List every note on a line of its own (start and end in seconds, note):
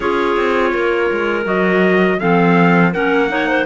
0.00 0.36 C#4
0.00 1.44 F4
0.00 0.72 G#4
0.00 1.44 C#5
0.36 0.73 C4
0.73 1.11 A#3
0.73 2.19 A#4
1.11 1.45 G#3
1.44 2.18 F#3
1.44 2.17 F#4
1.44 2.19 D#5
2.19 2.94 F3
2.19 2.93 C4
2.19 2.92 A4
2.19 2.92 F5
2.92 3.65 A#3
2.92 3.28 C#4
2.92 3.28 A#4
2.92 3.65 F#5
3.28 3.65 D#4
3.28 3.48 C#5
3.48 3.65 C5